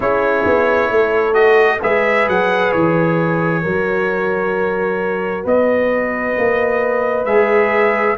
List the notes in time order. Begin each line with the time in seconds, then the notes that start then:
0.00 C#4 E4 G#4 C#5
0.46 B3
0.90 A3 A4
1.33 F#4 D#5
1.81 G#3 G#4 B4 E5
2.28 F#3 F#5
2.72 E3 C#5
3.62 F#3 F#4 A#4
5.44 B3 B4 D#5
6.37 A#3
7.24 G#3 G#4 E5